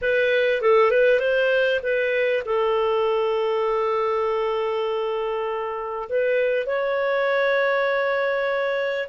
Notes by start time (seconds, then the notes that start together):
0.01 B4
0.61 A4
0.90 B4
1.19 C5
1.82 B4
2.45 A4
6.09 B4
6.66 C#5